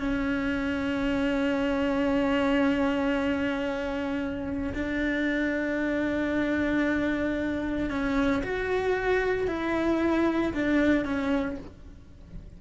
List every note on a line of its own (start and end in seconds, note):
0.00 4.74 C#4
4.75 7.90 D4
7.90 8.43 C#4
8.44 9.48 F#4
9.48 10.54 E4
10.54 11.05 D4
11.05 11.58 C#4